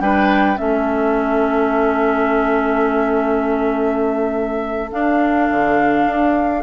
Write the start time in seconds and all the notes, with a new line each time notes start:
0.00 G3 D4 B4 G5
0.56 A3 C#4 A4 E5
4.91 D4 F5
5.50 D3
6.06 D4